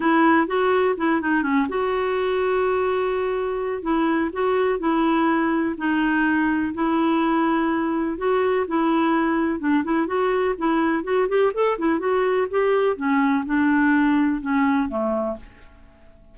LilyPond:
\new Staff \with { instrumentName = "clarinet" } { \time 4/4 \tempo 4 = 125 e'4 fis'4 e'8 dis'8 cis'8 fis'8~ | fis'1 | e'4 fis'4 e'2 | dis'2 e'2~ |
e'4 fis'4 e'2 | d'8 e'8 fis'4 e'4 fis'8 g'8 | a'8 e'8 fis'4 g'4 cis'4 | d'2 cis'4 a4 | }